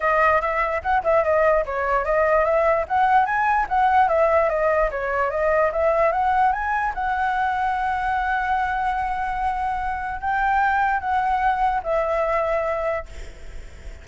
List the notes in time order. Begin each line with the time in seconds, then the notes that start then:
0.00 D#5
0.41 E5
0.82 F#5
1.03 E5
1.24 D#5
1.65 C#5
2.04 D#5
2.44 E5
2.88 F#5
3.25 G#5
3.68 F#5
4.08 E5
4.49 D#5
4.91 C#5
5.30 D#5
5.72 E5
6.12 F#5
6.52 G#5
6.94 F#5
10.21 G5
11.00 F#5
11.83 E5